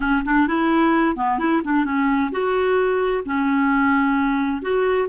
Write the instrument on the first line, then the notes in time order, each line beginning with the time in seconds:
clarinet
0.00 C#4
0.24 D4
0.47 E4
1.16 B3
1.38 E4
1.63 D4
1.84 C#4
2.31 F#4
3.25 C#4
4.62 F#4